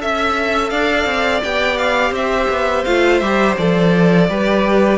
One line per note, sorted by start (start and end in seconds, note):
0.00 0.71 C#4
0.00 1.43 A4
0.00 0.69 E5
0.00 0.71 E5
0.69 1.05 D4
0.69 2.12 D5
0.69 1.41 F5
1.05 1.41 C4
1.43 2.11 B3
1.43 2.87 G4
1.43 1.78 G5
1.78 2.14 F5
2.11 2.47 C4
2.11 4.27 C5
2.11 2.85 E5
2.49 2.85 B3
2.85 3.21 A3
2.85 3.22 F4
2.85 3.19 F5
3.19 3.57 G3
3.19 3.57 G4
3.19 3.55 E5
3.58 4.29 F3
3.58 4.29 A4
3.58 4.99 D5
4.29 4.99 G3
4.29 4.99 G4
4.29 4.99 B4